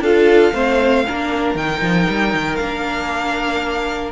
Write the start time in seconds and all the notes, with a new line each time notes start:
0.00 D4 F4 A4 F5
0.53 A3 C4 C5
1.08 A#3 D4 A#4
1.55 D#3 D#4 G5
1.82 F3
2.10 G3
2.34 D#3
2.56 A#3 D4 F5